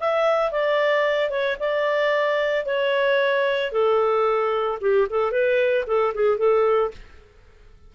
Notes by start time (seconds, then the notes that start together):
0.00 E5
0.52 D5
1.30 C#5
1.60 D5
2.66 C#5
3.72 A4
4.81 G4
5.10 A4
5.32 B4
5.87 A4
6.15 G#4
6.38 A4